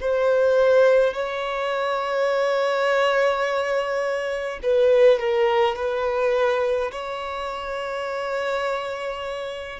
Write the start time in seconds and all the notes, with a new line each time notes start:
0.00 C5
1.13 C#5
4.63 B4
5.19 A#4
5.75 B4
6.91 C#5